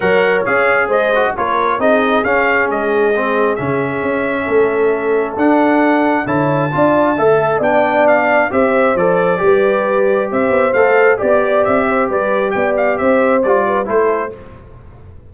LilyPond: <<
  \new Staff \with { instrumentName = "trumpet" } { \time 4/4 \tempo 4 = 134 fis''4 f''4 dis''4 cis''4 | dis''4 f''4 dis''2 | e''1 | fis''2 a''2~ |
a''4 g''4 f''4 e''4 | d''2. e''4 | f''4 d''4 e''4 d''4 | g''8 f''8 e''4 d''4 c''4 | }
  \new Staff \with { instrumentName = "horn" } { \time 4/4 cis''2 c''4 ais'4 | gis'1~ | gis'2 a'2~ | a'2 cis''4 d''4 |
e''4 d''2 c''4~ | c''4 b'2 c''4~ | c''4 d''4. c''8 b'4 | d''4 c''4. b'8 a'4 | }
  \new Staff \with { instrumentName = "trombone" } { \time 4/4 ais'4 gis'4. fis'8 f'4 | dis'4 cis'2 c'4 | cis'1 | d'2 e'4 f'4 |
a'4 d'2 g'4 | a'4 g'2. | a'4 g'2.~ | g'2 f'4 e'4 | }
  \new Staff \with { instrumentName = "tuba" } { \time 4/4 fis4 cis'4 gis4 ais4 | c'4 cis'4 gis2 | cis4 cis'4 a2 | d'2 d4 d'4 |
a4 b2 c'4 | f4 g2 c'8 b8 | a4 b4 c'4 g4 | b4 c'4 g4 a4 | }
>>